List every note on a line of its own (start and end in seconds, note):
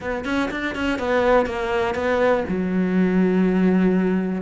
0.00 0.25 B3
0.25 0.49 C#4
0.51 0.75 D4
0.75 0.99 C#4
0.99 1.46 B3
1.46 1.94 A#3
1.94 2.43 B3
2.48 4.42 F#3